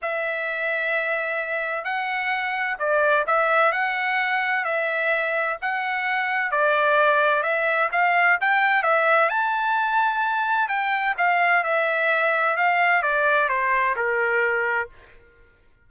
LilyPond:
\new Staff \with { instrumentName = "trumpet" } { \time 4/4 \tempo 4 = 129 e''1 | fis''2 d''4 e''4 | fis''2 e''2 | fis''2 d''2 |
e''4 f''4 g''4 e''4 | a''2. g''4 | f''4 e''2 f''4 | d''4 c''4 ais'2 | }